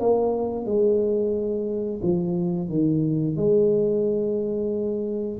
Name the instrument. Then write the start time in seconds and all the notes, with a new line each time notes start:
tuba
0.00 A#3
0.65 G#3
2.03 F3
2.69 D#3
3.36 G#3